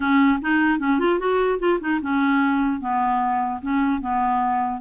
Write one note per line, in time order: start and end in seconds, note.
0.00 0.39 C#4
0.41 0.79 D#4
0.79 0.99 C#4
0.99 1.19 F4
1.19 1.59 F#4
1.59 1.79 F4
1.80 2.00 D#4
2.01 2.80 C#4
2.80 3.60 B3
3.62 4.01 C#4
4.01 4.81 B3